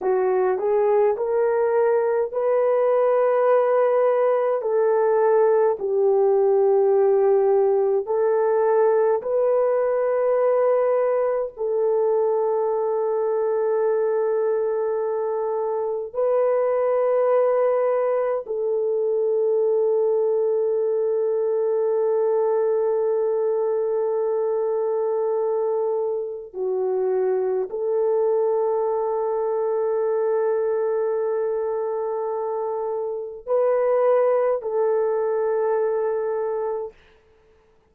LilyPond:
\new Staff \with { instrumentName = "horn" } { \time 4/4 \tempo 4 = 52 fis'8 gis'8 ais'4 b'2 | a'4 g'2 a'4 | b'2 a'2~ | a'2 b'2 |
a'1~ | a'2. fis'4 | a'1~ | a'4 b'4 a'2 | }